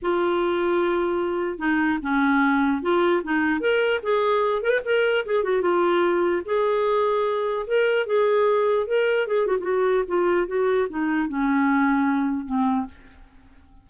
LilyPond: \new Staff \with { instrumentName = "clarinet" } { \time 4/4 \tempo 4 = 149 f'1 | dis'4 cis'2 f'4 | dis'4 ais'4 gis'4. ais'16 b'16 | ais'4 gis'8 fis'8 f'2 |
gis'2. ais'4 | gis'2 ais'4 gis'8 fis'16 f'16 | fis'4 f'4 fis'4 dis'4 | cis'2. c'4 | }